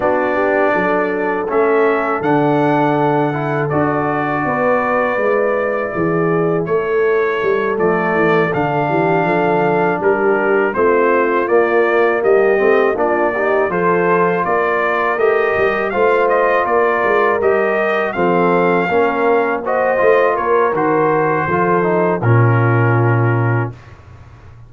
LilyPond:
<<
  \new Staff \with { instrumentName = "trumpet" } { \time 4/4 \tempo 4 = 81 d''2 e''4 fis''4~ | fis''4 d''2.~ | d''4 cis''4. d''4 f''8~ | f''4. ais'4 c''4 d''8~ |
d''8 dis''4 d''4 c''4 d''8~ | d''8 dis''4 f''8 dis''8 d''4 dis''8~ | dis''8 f''2 dis''4 cis''8 | c''2 ais'2 | }
  \new Staff \with { instrumentName = "horn" } { \time 4/4 fis'8 g'8 a'2.~ | a'2 b'2 | gis'4 a'2. | g'8 a'4 g'4 f'4.~ |
f'8 g'4 f'8 g'8 a'4 ais'8~ | ais'4. c''4 ais'4.~ | ais'8 a'4 ais'4 c''4 ais'8~ | ais'4 a'4 f'2 | }
  \new Staff \with { instrumentName = "trombone" } { \time 4/4 d'2 cis'4 d'4~ | d'8 e'8 fis'2 e'4~ | e'2~ e'8 a4 d'8~ | d'2~ d'8 c'4 ais8~ |
ais4 c'8 d'8 dis'8 f'4.~ | f'8 g'4 f'2 g'8~ | g'8 c'4 cis'4 fis'8 f'4 | fis'4 f'8 dis'8 cis'2 | }
  \new Staff \with { instrumentName = "tuba" } { \time 4/4 b4 fis4 a4 d4~ | d4 d'4 b4 gis4 | e4 a4 g8 f8 e8 d8 | e8 f4 g4 a4 ais8~ |
ais8 g8 a8 ais4 f4 ais8~ | ais8 a8 g8 a4 ais8 gis8 g8~ | g8 f4 ais4. a8 ais8 | dis4 f4 ais,2 | }
>>